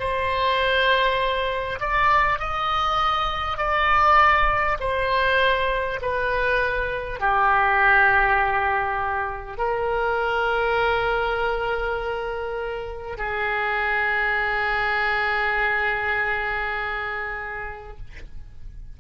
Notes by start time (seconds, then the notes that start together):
0.00 C5
1.81 D5
2.39 D#5
3.58 D5
4.81 C5
6.02 B4
7.21 G4
9.58 A#4
13.18 G#4